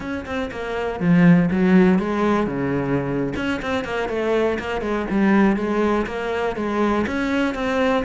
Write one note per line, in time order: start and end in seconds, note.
0.00 0.25 C#4
0.25 0.50 C4
0.51 1.00 A#3
1.00 1.49 F3
1.50 1.99 F#3
1.99 2.46 G#3
2.46 3.33 C#3
3.36 3.60 C#4
3.62 3.84 C4
3.84 4.08 A#3
4.08 4.58 A3
4.59 4.81 A#3
4.81 5.06 G#3
5.10 5.56 G3
5.56 6.05 G#3
6.06 6.55 A#3
6.56 7.05 G#3
7.06 7.54 C#4
7.54 8.04 C4